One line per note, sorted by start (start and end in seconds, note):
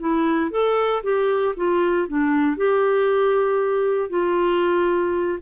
0.00 0.51 E4
0.51 1.03 A4
1.03 1.55 G4
1.57 2.08 F4
2.08 2.57 D4
2.57 4.10 G4
4.10 5.39 F4